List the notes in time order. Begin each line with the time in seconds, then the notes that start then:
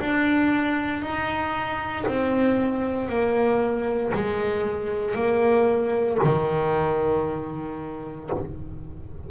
0.00 D4
1.03 D#4
2.07 C4
3.09 A#3
4.15 G#3
5.15 A#3
6.24 D#3